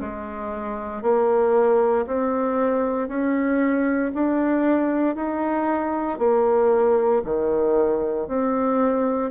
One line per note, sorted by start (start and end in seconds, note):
0.00 1.02 G#3
1.02 2.05 A#3
2.06 3.08 C4
3.08 4.11 C#4
4.14 5.15 D4
5.15 6.18 D#4
6.18 7.22 A#3
7.24 8.28 D#3
8.28 9.31 C4